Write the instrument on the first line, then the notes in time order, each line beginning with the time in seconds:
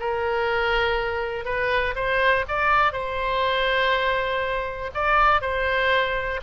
oboe
0.00 A#4
1.45 B4
1.96 C5
2.48 D5
2.93 C5
4.95 D5
5.42 C5